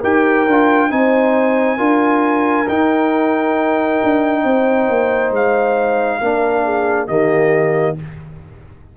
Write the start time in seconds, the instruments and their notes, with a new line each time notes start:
0.00 tuba D#4, trombone G4, horn A#4, trumpet G5
0.47 tuba D4, trombone F4
0.89 tuba C4, trombone D#4, horn C5, trumpet G#5
1.77 tuba D4, trombone F4, horn A#4
2.68 tuba D#4, trombone D#4, trumpet G5
4.03 tuba D4
4.43 tuba C4, horn C5
4.88 tuba A#3
5.30 tuba G#3, trumpet F5
6.20 tuba A#3, trombone D4, horn A#4
6.64 horn G#4
7.07 tuba D#3, trombone A#3, horn G4, trumpet D#5